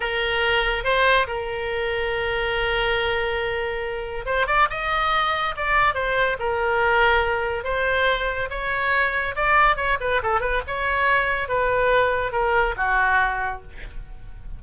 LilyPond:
\new Staff \with { instrumentName = "oboe" } { \time 4/4 \tempo 4 = 141 ais'2 c''4 ais'4~ | ais'1~ | ais'2 c''8 d''8 dis''4~ | dis''4 d''4 c''4 ais'4~ |
ais'2 c''2 | cis''2 d''4 cis''8 b'8 | a'8 b'8 cis''2 b'4~ | b'4 ais'4 fis'2 | }